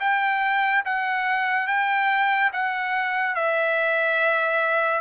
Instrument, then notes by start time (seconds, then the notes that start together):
trumpet
0.00 G5
0.85 F#5
1.67 G5
2.53 F#5
3.35 E5